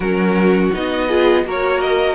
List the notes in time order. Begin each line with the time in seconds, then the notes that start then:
0.00 F#3 C#4 F#4 A#4
0.73 B3 D#4 D#5
1.07 F4 G#4
1.44 A#3 F#4 A#4 C#5
1.80 D#5